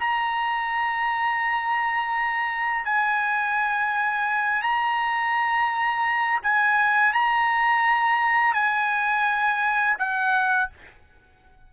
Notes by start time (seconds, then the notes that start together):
0.00 A#5
2.85 G#5
4.62 A#5
6.43 G#5
7.14 A#5
8.54 G#5
9.99 F#5